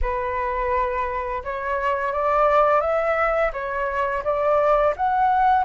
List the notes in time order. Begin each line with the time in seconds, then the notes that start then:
0.01 B4
1.43 C#5
2.12 D5
2.80 E5
3.52 C#5
4.24 D5
4.96 F#5